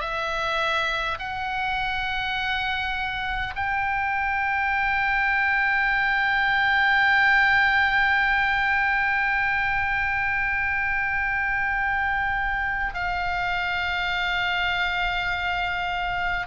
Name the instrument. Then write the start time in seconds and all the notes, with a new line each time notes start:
oboe
0.00 E5
1.18 F#5
3.56 G5
12.94 F5